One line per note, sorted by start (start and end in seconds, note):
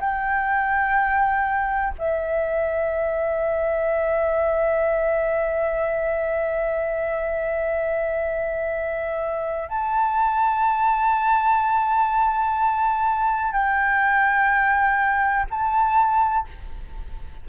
0.00 1.94 G5
1.99 9.69 E5
9.69 13.52 A5
13.52 15.46 G5
15.51 16.47 A5